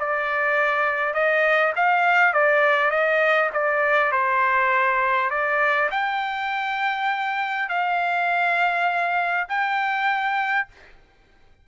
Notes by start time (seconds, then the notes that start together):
0.00 D5
1.14 D#5
1.76 F5
2.34 D5
2.91 D#5
3.54 D5
4.12 C5
5.31 D5
5.91 G5
7.70 F5
9.49 G5